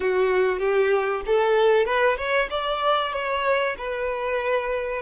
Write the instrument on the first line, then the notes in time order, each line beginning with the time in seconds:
violin
0.00 F#4
0.59 G4
1.26 A4
1.85 B4
2.17 C#5
2.50 D5
3.12 C#5
3.78 B4